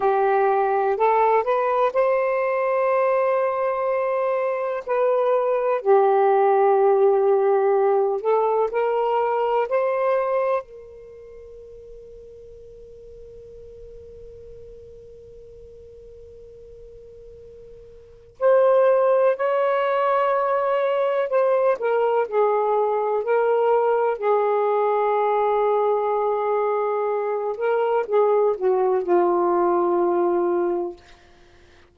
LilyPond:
\new Staff \with { instrumentName = "saxophone" } { \time 4/4 \tempo 4 = 62 g'4 a'8 b'8 c''2~ | c''4 b'4 g'2~ | g'8 a'8 ais'4 c''4 ais'4~ | ais'1~ |
ais'2. c''4 | cis''2 c''8 ais'8 gis'4 | ais'4 gis'2.~ | gis'8 ais'8 gis'8 fis'8 f'2 | }